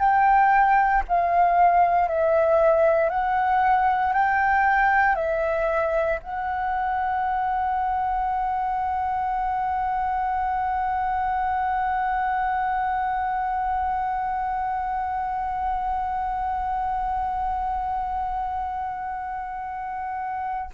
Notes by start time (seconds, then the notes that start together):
0.00 G5
1.09 F5
2.09 E5
3.10 F#5
4.13 G5
5.16 E5
6.23 F#5